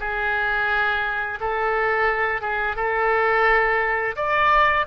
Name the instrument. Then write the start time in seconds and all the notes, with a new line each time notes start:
oboe
0.00 G#4
1.40 A4
2.42 G#4
2.77 A4
4.16 D5